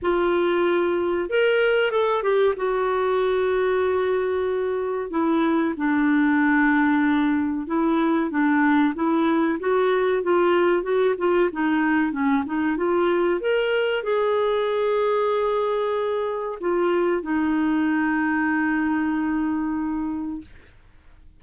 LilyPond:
\new Staff \with { instrumentName = "clarinet" } { \time 4/4 \tempo 4 = 94 f'2 ais'4 a'8 g'8 | fis'1 | e'4 d'2. | e'4 d'4 e'4 fis'4 |
f'4 fis'8 f'8 dis'4 cis'8 dis'8 | f'4 ais'4 gis'2~ | gis'2 f'4 dis'4~ | dis'1 | }